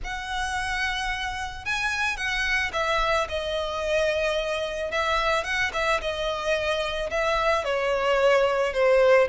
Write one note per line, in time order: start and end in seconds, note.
0.03 1.65 F#5
1.65 2.16 G#5
2.16 2.71 F#5
2.72 3.27 E5
3.29 4.91 D#5
4.91 5.44 E5
5.44 5.71 F#5
5.73 6.00 E5
6.01 7.10 D#5
7.10 7.64 E5
7.64 8.73 C#5
8.73 9.28 C5